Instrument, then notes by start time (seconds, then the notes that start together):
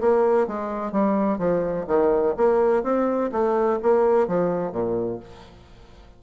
bassoon
0.00 A#3
0.47 G#3
0.92 G3
1.38 F3
1.87 D#3
2.36 A#3
2.83 C4
3.31 A3
3.82 A#3
4.27 F3
4.72 A#2